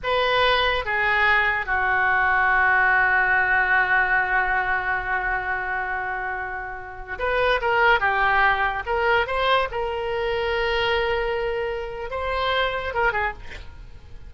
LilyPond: \new Staff \with { instrumentName = "oboe" } { \time 4/4 \tempo 4 = 144 b'2 gis'2 | fis'1~ | fis'1~ | fis'1~ |
fis'4~ fis'16 b'4 ais'4 g'8.~ | g'4~ g'16 ais'4 c''4 ais'8.~ | ais'1~ | ais'4 c''2 ais'8 gis'8 | }